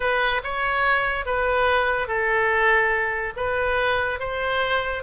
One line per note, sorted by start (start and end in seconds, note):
0.00 0.41 B4
0.43 1.25 C#5
1.25 2.07 B4
2.07 3.33 A4
3.36 4.19 B4
4.19 5.03 C5